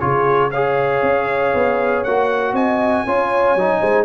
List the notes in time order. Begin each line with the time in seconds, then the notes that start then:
0.00 C#3 F4 G#4 C#5
0.51 G#4 C#5 F5
1.03 C#4
1.54 B3
2.04 A#3 F#4 F#5
2.53 C4 D#5 G#5
3.06 C#4 F4 C#5
3.56 F#3 D#4
3.81 G#3 C5